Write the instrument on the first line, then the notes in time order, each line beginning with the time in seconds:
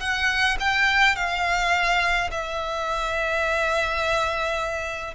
violin
0.00 F#5
0.60 G5
1.16 F5
2.31 E5